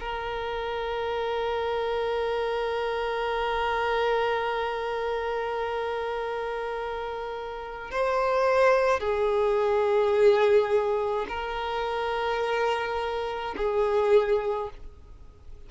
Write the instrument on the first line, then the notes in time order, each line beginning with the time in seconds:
violin
0.00 A#4
7.91 C5
9.00 G#4
11.28 A#4
13.56 G#4